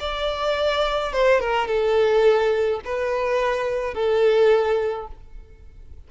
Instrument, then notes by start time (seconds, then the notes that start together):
violin
0.00 D5
1.13 C5
1.40 A#4
1.67 A4
2.85 B4
3.94 A4